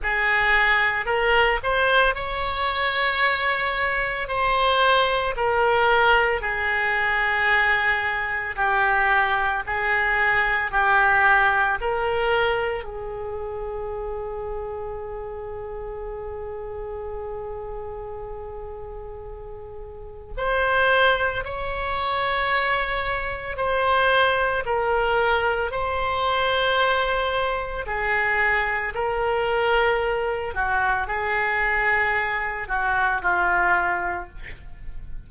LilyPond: \new Staff \with { instrumentName = "oboe" } { \time 4/4 \tempo 4 = 56 gis'4 ais'8 c''8 cis''2 | c''4 ais'4 gis'2 | g'4 gis'4 g'4 ais'4 | gis'1~ |
gis'2. c''4 | cis''2 c''4 ais'4 | c''2 gis'4 ais'4~ | ais'8 fis'8 gis'4. fis'8 f'4 | }